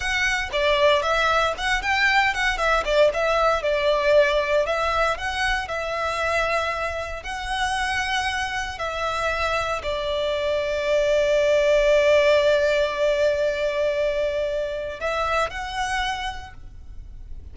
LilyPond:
\new Staff \with { instrumentName = "violin" } { \time 4/4 \tempo 4 = 116 fis''4 d''4 e''4 fis''8 g''8~ | g''8 fis''8 e''8 d''8 e''4 d''4~ | d''4 e''4 fis''4 e''4~ | e''2 fis''2~ |
fis''4 e''2 d''4~ | d''1~ | d''1~ | d''4 e''4 fis''2 | }